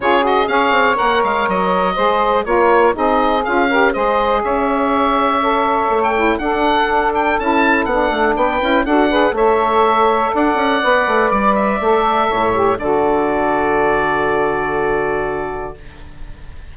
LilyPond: <<
  \new Staff \with { instrumentName = "oboe" } { \time 4/4 \tempo 4 = 122 cis''8 dis''8 f''4 fis''8 f''8 dis''4~ | dis''4 cis''4 dis''4 f''4 | dis''4 e''2.~ | e''16 g''8. fis''4. g''8 a''4 |
fis''4 g''4 fis''4 e''4~ | e''4 fis''2 d''8 e''8~ | e''2 d''2~ | d''1 | }
  \new Staff \with { instrumentName = "saxophone" } { \time 4/4 gis'4 cis''2. | c''4 ais'4 gis'4. ais'8 | c''4 cis''2.~ | cis''4 a'2.~ |
a'4 b'4 a'8 b'8 cis''4~ | cis''4 d''2.~ | d''4 cis''4 a'2~ | a'1 | }
  \new Staff \with { instrumentName = "saxophone" } { \time 4/4 f'8 fis'8 gis'4 ais'2 | gis'4 f'4 dis'4 f'8 g'8 | gis'2. a'4~ | a'8 e'8 d'2 e'4 |
d'4. e'8 fis'8 gis'8 a'4~ | a'2 b'2 | a'4. g'8 fis'2~ | fis'1 | }
  \new Staff \with { instrumentName = "bassoon" } { \time 4/4 cis4 cis'8 c'8 ais8 gis8 fis4 | gis4 ais4 c'4 cis'4 | gis4 cis'2. | a4 d'2 cis'4 |
b8 a8 b8 cis'8 d'4 a4~ | a4 d'8 cis'8 b8 a8 g4 | a4 a,4 d2~ | d1 | }
>>